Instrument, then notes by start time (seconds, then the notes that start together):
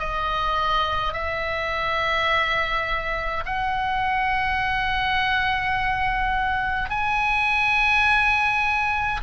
oboe
0.00 D#5
1.13 E5
3.46 F#5
6.90 G#5